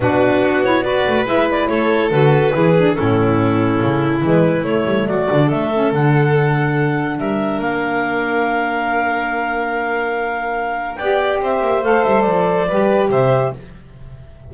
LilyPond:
<<
  \new Staff \with { instrumentName = "clarinet" } { \time 4/4 \tempo 4 = 142 b'4. cis''8 d''4 e''8 d''8 | cis''4 b'2 a'4~ | a'2 b'4 cis''4 | d''4 e''4 fis''2~ |
fis''4 e''4 f''2~ | f''1~ | f''2 g''4 e''4 | f''8 e''8 d''2 e''4 | }
  \new Staff \with { instrumentName = "violin" } { \time 4/4 fis'2 b'2 | a'2 gis'4 e'4~ | e'1 | fis'4 a'2.~ |
a'4 ais'2.~ | ais'1~ | ais'2 d''4 c''4~ | c''2 b'4 c''4 | }
  \new Staff \with { instrumentName = "saxophone" } { \time 4/4 d'4. e'8 fis'4 e'4~ | e'4 fis'4 e'8 d'8 cis'4~ | cis'2 gis4 a4~ | a8 d'4 cis'8 d'2~ |
d'1~ | d'1~ | d'2 g'2 | a'2 g'2 | }
  \new Staff \with { instrumentName = "double bass" } { \time 4/4 b,4 b4. a8 gis4 | a4 d4 e4 a,4~ | a,4 cis4 e4 a8 g8 | fis8 d8 a4 d2~ |
d4 g4 ais2~ | ais1~ | ais2 b4 c'8 ais8 | a8 g8 f4 g4 c4 | }
>>